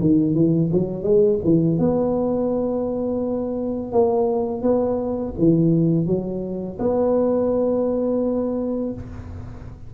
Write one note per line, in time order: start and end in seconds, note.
0.00 0.34 D#3
0.34 0.70 E3
0.72 1.03 F#3
1.03 1.39 G#3
1.44 1.79 E3
1.79 3.92 B3
3.92 4.62 A#3
4.62 5.33 B3
5.38 6.06 E3
6.06 6.77 F#3
6.79 8.93 B3